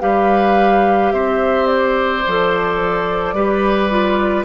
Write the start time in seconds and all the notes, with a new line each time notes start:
0.00 G3 G4 B4 F5
1.12 C4 C5 E5
1.67 D5
2.27 F3 A4
3.34 G3 G4 B4
3.90 F4